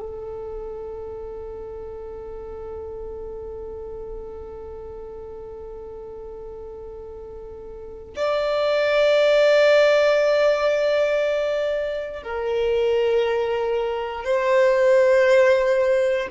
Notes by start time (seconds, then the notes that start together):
0.00 A4
8.16 D5
12.23 A#4
14.25 C5